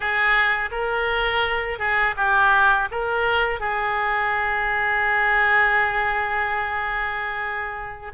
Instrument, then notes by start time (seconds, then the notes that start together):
oboe
0.00 G#4
0.71 A#4
1.78 G#4
2.16 G4
2.91 A#4
3.59 G#4